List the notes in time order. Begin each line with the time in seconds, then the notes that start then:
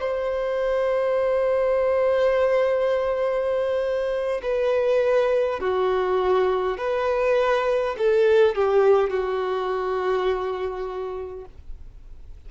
0.00 C5
4.42 B4
5.60 F#4
6.78 B4
7.98 A4
8.55 G4
9.10 F#4